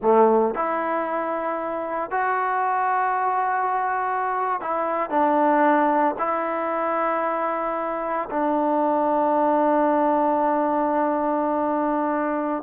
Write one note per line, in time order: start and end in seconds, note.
0.02 0.54 A3
0.54 2.10 E4
2.10 4.60 F#4
4.60 5.09 E4
5.09 6.15 D4
6.18 8.29 E4
8.30 12.63 D4